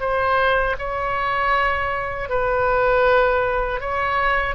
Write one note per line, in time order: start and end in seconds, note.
0.00 0.76 C5
0.78 2.29 C#5
2.29 3.80 B4
3.80 4.55 C#5